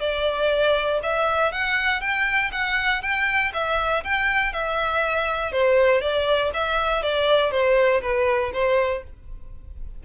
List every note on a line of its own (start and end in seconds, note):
0.00 1.00 D5
1.03 1.52 E5
1.52 2.01 F#5
2.01 2.51 G5
2.52 3.02 F#5
3.02 3.52 G5
3.54 4.04 E5
4.04 4.53 G5
4.53 5.52 E5
5.52 6.01 C5
6.01 6.51 D5
6.54 7.03 E5
7.03 7.51 D5
7.51 8.01 C5
8.02 8.52 B4
8.53 9.03 C5